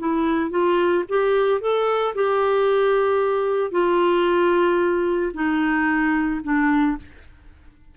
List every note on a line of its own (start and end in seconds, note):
0.00 0.51 E4
0.51 1.04 F4
1.09 1.61 G4
1.61 2.15 A4
2.16 3.72 G4
3.72 5.33 F4
5.34 6.41 D#4
6.44 6.98 D4